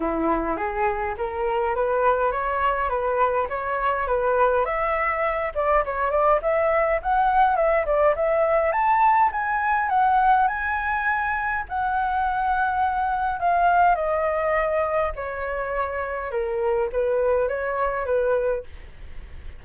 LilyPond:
\new Staff \with { instrumentName = "flute" } { \time 4/4 \tempo 4 = 103 e'4 gis'4 ais'4 b'4 | cis''4 b'4 cis''4 b'4 | e''4. d''8 cis''8 d''8 e''4 | fis''4 e''8 d''8 e''4 a''4 |
gis''4 fis''4 gis''2 | fis''2. f''4 | dis''2 cis''2 | ais'4 b'4 cis''4 b'4 | }